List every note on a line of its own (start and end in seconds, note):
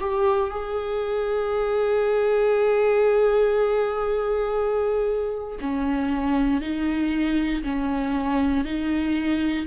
0.00 0.50 G4
0.50 5.59 G#4
5.61 6.61 C#4
6.61 7.63 D#4
7.63 8.65 C#4
8.65 9.67 D#4